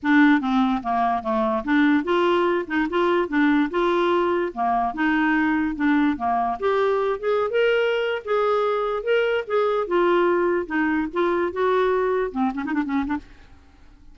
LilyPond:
\new Staff \with { instrumentName = "clarinet" } { \time 4/4 \tempo 4 = 146 d'4 c'4 ais4 a4 | d'4 f'4. dis'8 f'4 | d'4 f'2 ais4 | dis'2 d'4 ais4 |
g'4. gis'8. ais'4.~ ais'16 | gis'2 ais'4 gis'4 | f'2 dis'4 f'4 | fis'2 c'8 cis'16 dis'16 d'16 cis'8 d'16 | }